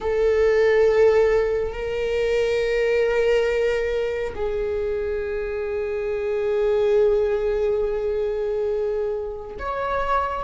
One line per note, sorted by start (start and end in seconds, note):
0.00 1.72 A4
1.72 4.33 A#4
4.35 9.57 G#4
9.58 10.44 C#5